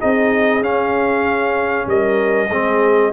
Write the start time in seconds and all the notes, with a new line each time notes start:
0.00 C4 D#4 G#4 D#5
0.61 C#4 F5
1.87 G3 A#4 D#5
2.48 G#3 C4 G#4